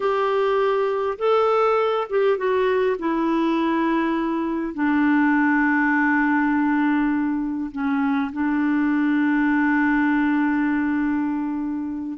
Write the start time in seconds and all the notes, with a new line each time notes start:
0.00 G4
1.18 A4
2.09 G4
2.37 F#4
2.98 E4
4.74 D4
7.71 C#4
8.32 D4